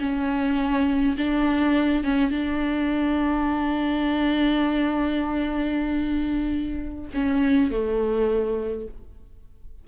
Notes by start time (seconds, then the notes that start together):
0.00 C#4
1.18 D4
2.04 C#4
2.31 D4
7.14 C#4
7.71 A3